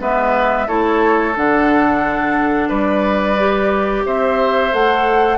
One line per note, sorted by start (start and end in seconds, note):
0.00 0.68 G#3
0.00 0.67 B3
0.00 0.68 B4
0.00 0.69 E5
0.68 1.37 A3
0.68 1.35 E4
0.68 2.69 A4
0.68 1.36 C#5
1.36 2.71 D3
1.36 3.38 D4
1.36 2.70 F#5
2.69 4.06 G3
2.69 4.04 B4
2.69 4.05 D5
3.38 4.72 G4
4.06 4.73 C4
4.06 5.38 C5
4.06 4.74 E5
4.72 5.38 A3
4.72 5.38 A4
4.72 5.38 F#5